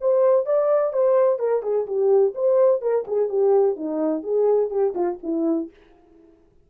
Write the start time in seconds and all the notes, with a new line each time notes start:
0.00 C5
0.45 D5
0.92 C5
1.39 A#4
1.62 G#4
1.86 G4
2.34 C5
2.81 A#4
3.07 G#4
3.29 G4
3.76 D#4
4.23 G#4
4.70 G4
4.94 F4
5.22 E4